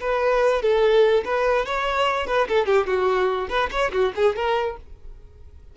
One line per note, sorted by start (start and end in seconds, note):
0.00 0.62 B4
0.62 1.23 A4
1.25 1.65 B4
1.65 2.27 C#5
2.27 2.47 B4
2.48 2.66 A4
2.66 2.86 G4
2.87 3.48 F#4
3.49 3.69 B4
3.71 3.91 C#5
3.92 4.13 F#4
4.15 4.36 G#4
4.36 4.77 A#4